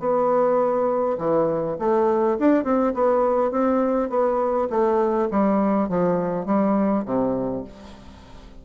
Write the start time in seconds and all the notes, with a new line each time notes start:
0.00 B3
1.19 E3
1.79 A3
2.40 D4
2.64 C4
2.95 B3
3.52 C4
4.10 B3
4.71 A3
5.32 G3
5.89 F3
6.46 G3
7.06 C3